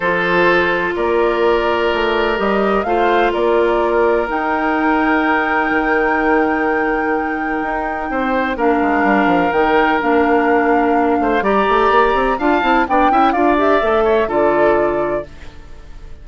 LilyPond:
<<
  \new Staff \with { instrumentName = "flute" } { \time 4/4 \tempo 4 = 126 c''2 d''2~ | d''4 dis''4 f''4 d''4~ | d''4 g''2.~ | g''1~ |
g''2 f''2 | g''4 f''2. | ais''2 a''4 g''4 | f''8 e''4. d''2 | }
  \new Staff \with { instrumentName = "oboe" } { \time 4/4 a'2 ais'2~ | ais'2 c''4 ais'4~ | ais'1~ | ais'1~ |
ais'4 c''4 ais'2~ | ais'2.~ ais'8 c''8 | d''2 f''4 d''8 e''8 | d''4. cis''8 a'2 | }
  \new Staff \with { instrumentName = "clarinet" } { \time 4/4 f'1~ | f'4 g'4 f'2~ | f'4 dis'2.~ | dis'1~ |
dis'2 d'2 | dis'4 d'2. | g'2 f'8 e'8 d'8 e'8 | f'8 g'8 a'4 f'2 | }
  \new Staff \with { instrumentName = "bassoon" } { \time 4/4 f2 ais2 | a4 g4 a4 ais4~ | ais4 dis'2. | dis1 |
dis'4 c'4 ais8 gis8 g8 f8 | dis4 ais2~ ais8 a8 | g8 a8 ais8 c'8 d'8 c'8 b8 cis'8 | d'4 a4 d2 | }
>>